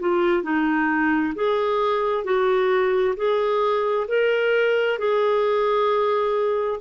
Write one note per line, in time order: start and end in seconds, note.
0.00 0.43 F4
0.43 1.34 D#4
1.35 2.24 G#4
2.24 3.15 F#4
3.16 4.07 G#4
4.08 4.98 A#4
4.98 6.80 G#4